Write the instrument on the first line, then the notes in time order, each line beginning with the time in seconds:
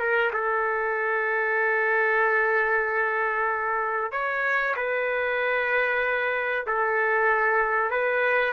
trumpet
0.00 A#4
0.33 A4
4.12 C#5
4.77 B4
6.67 A4
7.91 B4